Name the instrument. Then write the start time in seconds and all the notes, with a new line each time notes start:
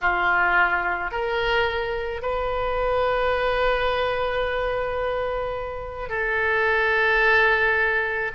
oboe
0.01 F4
1.11 A#4
2.22 B4
6.09 A4